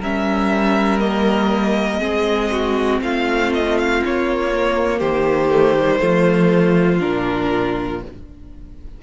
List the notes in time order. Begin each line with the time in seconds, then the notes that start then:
0.00 G3 C#4 A#4 E5
0.99 A#3 D#5
1.99 G#3 C4 G#4
2.52 F#4
3.01 A3 F4 F5
3.53 D#5
3.78 F5
4.05 A#3 C#5
4.53 A#3
4.98 D#3 G4 C5
5.51 A3
5.79 G3
5.99 F3 A3 F4
7.00 A#2 D4 A#4